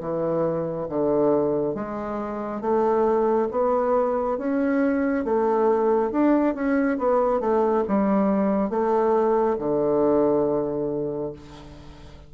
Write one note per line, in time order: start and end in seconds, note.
0.00 0.87 E3
0.89 1.75 D3
1.75 2.61 G#3
2.61 3.48 A3
3.51 4.38 B3
4.38 5.25 C#4
5.25 6.11 A3
6.11 6.55 D4
6.55 6.98 C#4
6.98 7.40 B3
7.40 7.84 A3
7.88 8.70 G3
8.70 9.57 A3
9.58 11.32 D3